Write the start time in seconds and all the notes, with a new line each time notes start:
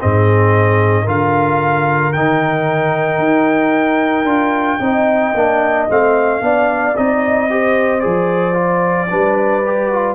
0.00 G#2 C4 G#4 D#5
1.04 D3 F4 A#4 F5
2.13 D#3 D#4 G5
3.19 D#4
4.25 D4 F4
4.80 C4 D#4 D#5
5.34 A#3 D4
5.89 A3 C4 F5
6.41 B3 D4 D5
6.97 C4 D#4 D#5
7.50 G4 C5
8.00 F3 G#4 D5
8.54 F4
9.10 G3 D4 B4
9.66 G4
9.92 F4